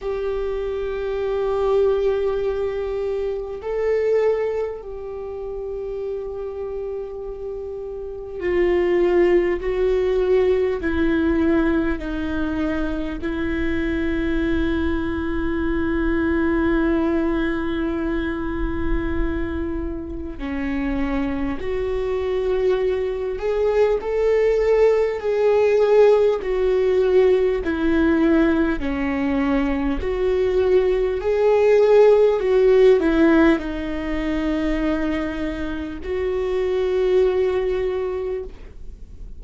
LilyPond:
\new Staff \with { instrumentName = "viola" } { \time 4/4 \tempo 4 = 50 g'2. a'4 | g'2. f'4 | fis'4 e'4 dis'4 e'4~ | e'1~ |
e'4 cis'4 fis'4. gis'8 | a'4 gis'4 fis'4 e'4 | cis'4 fis'4 gis'4 fis'8 e'8 | dis'2 fis'2 | }